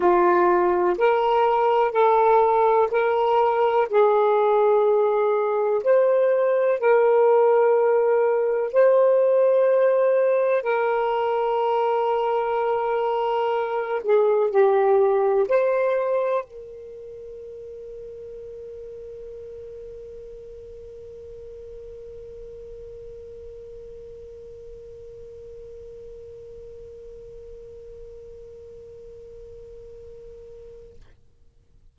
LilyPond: \new Staff \with { instrumentName = "saxophone" } { \time 4/4 \tempo 4 = 62 f'4 ais'4 a'4 ais'4 | gis'2 c''4 ais'4~ | ais'4 c''2 ais'4~ | ais'2~ ais'8 gis'8 g'4 |
c''4 ais'2.~ | ais'1~ | ais'1~ | ais'1 | }